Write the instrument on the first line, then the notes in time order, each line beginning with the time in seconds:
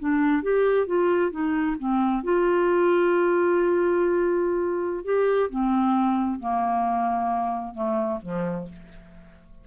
clarinet
0.00 D4
0.43 G4
0.87 F4
1.32 D#4
1.79 C4
2.24 F4
5.05 G4
5.50 C4
6.40 A#3
7.75 A3
8.23 F3